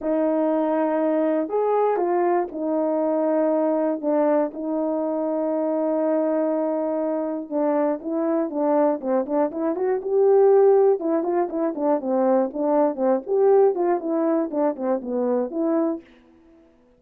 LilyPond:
\new Staff \with { instrumentName = "horn" } { \time 4/4 \tempo 4 = 120 dis'2. gis'4 | f'4 dis'2. | d'4 dis'2.~ | dis'2. d'4 |
e'4 d'4 c'8 d'8 e'8 fis'8 | g'2 e'8 f'8 e'8 d'8 | c'4 d'4 c'8 g'4 f'8 | e'4 d'8 c'8 b4 e'4 | }